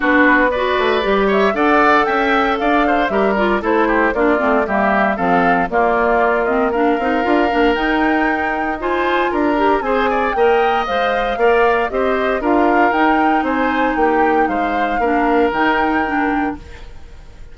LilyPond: <<
  \new Staff \with { instrumentName = "flute" } { \time 4/4 \tempo 4 = 116 b'4 d''4. e''8 fis''4 | g''4 f''4 e''8 d''8 c''4 | d''4 e''4 f''4 d''4~ | d''8 dis''8 f''2 g''4~ |
g''4 gis''4 ais''4 gis''4 | g''4 f''2 dis''4 | f''4 g''4 gis''4 g''4 | f''2 g''2 | }
  \new Staff \with { instrumentName = "oboe" } { \time 4/4 fis'4 b'4. cis''8 d''4 | e''4 d''8 c''8 ais'4 a'8 g'8 | f'4 g'4 a'4 f'4~ | f'4 ais'2.~ |
ais'4 c''4 ais'4 c''8 d''8 | dis''2 d''4 c''4 | ais'2 c''4 g'4 | c''4 ais'2. | }
  \new Staff \with { instrumentName = "clarinet" } { \time 4/4 d'4 fis'4 g'4 a'4~ | a'2 g'8 f'8 e'4 | d'8 c'8 ais4 c'4 ais4~ | ais8 c'8 d'8 dis'8 f'8 d'8 dis'4~ |
dis'4 f'4. g'8 gis'4 | ais'4 c''4 ais'4 g'4 | f'4 dis'2.~ | dis'4 d'4 dis'4 d'4 | }
  \new Staff \with { instrumentName = "bassoon" } { \time 4/4 b4. a8 g4 d'4 | cis'4 d'4 g4 a4 | ais8 a8 g4 f4 ais4~ | ais4. c'8 d'8 ais8 dis'4~ |
dis'2 d'4 c'4 | ais4 gis4 ais4 c'4 | d'4 dis'4 c'4 ais4 | gis4 ais4 dis2 | }
>>